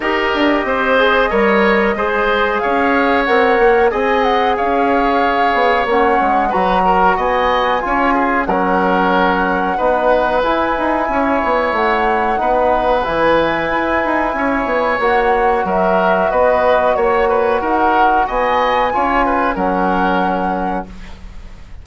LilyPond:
<<
  \new Staff \with { instrumentName = "flute" } { \time 4/4 \tempo 4 = 92 dis''1 | f''4 fis''4 gis''8 fis''8 f''4~ | f''4 fis''4 ais''4 gis''4~ | gis''4 fis''2. |
gis''2 fis''2 | gis''2. fis''4 | e''4 dis''4 cis''4 fis''4 | gis''2 fis''2 | }
  \new Staff \with { instrumentName = "oboe" } { \time 4/4 ais'4 c''4 cis''4 c''4 | cis''2 dis''4 cis''4~ | cis''2 b'8 ais'8 dis''4 | cis''8 gis'8 ais'2 b'4~ |
b'4 cis''2 b'4~ | b'2 cis''2 | ais'4 b'4 cis''8 b'8 ais'4 | dis''4 cis''8 b'8 ais'2 | }
  \new Staff \with { instrumentName = "trombone" } { \time 4/4 g'4. gis'8 ais'4 gis'4~ | gis'4 ais'4 gis'2~ | gis'4 cis'4 fis'2 | f'4 cis'2 dis'4 |
e'2. dis'4 | e'2. fis'4~ | fis'1~ | fis'4 f'4 cis'2 | }
  \new Staff \with { instrumentName = "bassoon" } { \time 4/4 dis'8 d'8 c'4 g4 gis4 | cis'4 c'8 ais8 c'4 cis'4~ | cis'8 b8 ais8 gis8 fis4 b4 | cis'4 fis2 b4 |
e'8 dis'8 cis'8 b8 a4 b4 | e4 e'8 dis'8 cis'8 b8 ais4 | fis4 b4 ais4 dis'4 | b4 cis'4 fis2 | }
>>